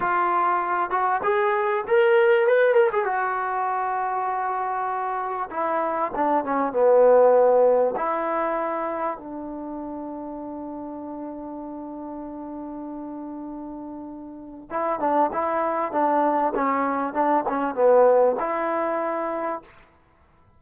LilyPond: \new Staff \with { instrumentName = "trombone" } { \time 4/4 \tempo 4 = 98 f'4. fis'8 gis'4 ais'4 | b'8 ais'16 gis'16 fis'2.~ | fis'4 e'4 d'8 cis'8 b4~ | b4 e'2 d'4~ |
d'1~ | d'1 | e'8 d'8 e'4 d'4 cis'4 | d'8 cis'8 b4 e'2 | }